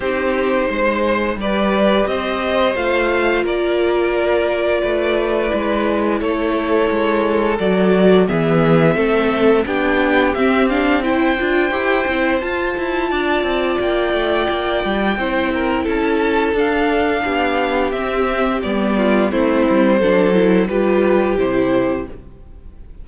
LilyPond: <<
  \new Staff \with { instrumentName = "violin" } { \time 4/4 \tempo 4 = 87 c''2 d''4 dis''4 | f''4 d''2.~ | d''4 cis''2 d''4 | e''2 g''4 e''8 f''8 |
g''2 a''2 | g''2. a''4 | f''2 e''4 d''4 | c''2 b'4 c''4 | }
  \new Staff \with { instrumentName = "violin" } { \time 4/4 g'4 c''4 b'4 c''4~ | c''4 ais'2 b'4~ | b'4 a'2. | gis'4 a'4 g'2 |
c''2. d''4~ | d''2 c''8 ais'8 a'4~ | a'4 g'2~ g'8 f'8 | e'4 a'4 g'2 | }
  \new Staff \with { instrumentName = "viola" } { \time 4/4 dis'2 g'2 | f'1 | e'2. fis'4 | b4 c'4 d'4 c'8 d'8 |
e'8 f'8 g'8 e'8 f'2~ | f'2 e'2 | d'2 c'4 b4 | c'4 d'8 e'8 f'4 e'4 | }
  \new Staff \with { instrumentName = "cello" } { \time 4/4 c'4 gis4 g4 c'4 | a4 ais2 a4 | gis4 a4 gis4 fis4 | e4 a4 b4 c'4~ |
c'8 d'8 e'8 c'8 f'8 e'8 d'8 c'8 | ais8 a8 ais8 g8 c'4 cis'4 | d'4 b4 c'4 g4 | a8 g8 fis4 g4 c4 | }
>>